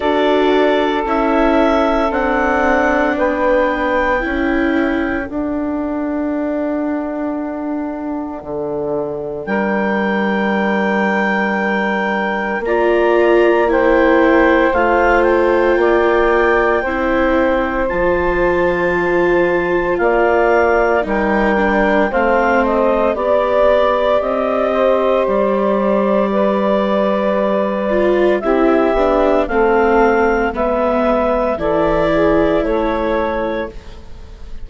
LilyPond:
<<
  \new Staff \with { instrumentName = "clarinet" } { \time 4/4 \tempo 4 = 57 d''4 e''4 fis''4 g''4~ | g''4 fis''2.~ | fis''4 g''2. | ais''4 g''4 f''8 g''4.~ |
g''4 a''2 f''4 | g''4 f''8 dis''8 d''4 dis''4 | d''2. e''4 | f''4 e''4 d''4 cis''4 | }
  \new Staff \with { instrumentName = "saxophone" } { \time 4/4 a'2. b'4 | a'1~ | a'4 ais'2. | d''4 c''2 d''4 |
c''2. d''4 | ais'4 c''4 d''4. c''8~ | c''4 b'2 g'4 | a'4 b'4 a'8 gis'8 a'4 | }
  \new Staff \with { instrumentName = "viola" } { \time 4/4 fis'4 e'4 d'2 | e'4 d'2.~ | d'1 | f'4 e'4 f'2 |
e'4 f'2. | dis'8 d'8 c'4 g'2~ | g'2~ g'8 f'8 e'8 d'8 | c'4 b4 e'2 | }
  \new Staff \with { instrumentName = "bassoon" } { \time 4/4 d'4 cis'4 c'4 b4 | cis'4 d'2. | d4 g2. | ais2 a4 ais4 |
c'4 f2 ais4 | g4 a4 b4 c'4 | g2. c'8 b8 | a4 gis4 e4 a4 | }
>>